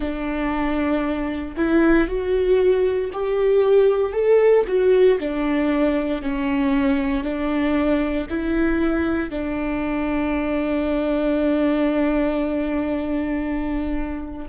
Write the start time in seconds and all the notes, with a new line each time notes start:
0.00 D4
1.56 E4
2.07 F#4
3.12 G4
4.12 A4
4.67 F#4
5.19 D4
6.22 C#4
7.23 D4
8.29 E4
9.30 D4